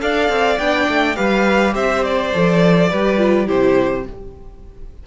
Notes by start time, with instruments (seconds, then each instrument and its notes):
0.00 cello D4, viola A4, violin D5 F5
0.29 cello C4
0.59 cello B3, viola D4, violin G5
0.88 cello A3
1.16 cello G3, viola G4, violin B4 F5
1.74 cello C4, violin C5 E5
2.04 violin D5
2.34 cello F3, viola A4
2.90 cello G3, viola G4, violin B4
3.18 viola F4
3.46 cello C3, viola E4, violin G4 C5